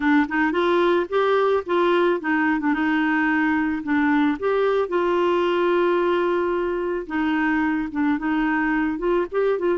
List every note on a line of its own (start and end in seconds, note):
0.00 0.27 D4
0.28 0.52 D#4
0.52 1.06 F4
1.09 1.63 G4
1.66 2.20 F4
2.20 2.59 D#4
2.59 2.73 D4
2.73 3.82 D#4
3.83 4.37 D4
4.39 4.88 G4
4.88 7.06 F4
7.06 7.88 D#4
7.91 8.18 D4
8.18 8.98 D#4
8.98 9.26 F4
9.31 9.58 G4
9.58 9.78 F4